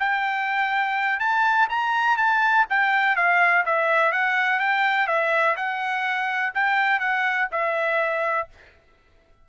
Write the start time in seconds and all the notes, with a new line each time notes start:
0.00 G5
1.20 A5
1.69 A#5
2.18 A5
2.70 G5
3.16 F5
3.66 E5
4.12 F#5
4.60 G5
5.08 E5
5.57 F#5
6.55 G5
7.00 F#5
7.52 E5